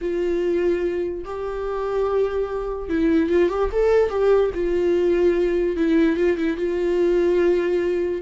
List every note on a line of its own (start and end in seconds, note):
0.01 1.24 F4
1.24 2.89 G4
2.89 3.29 E4
3.29 3.49 F4
3.49 3.69 G4
3.72 4.09 A4
4.09 4.50 G4
4.54 5.76 F4
5.76 6.16 E4
6.16 6.37 F4
6.37 6.56 E4
6.56 8.21 F4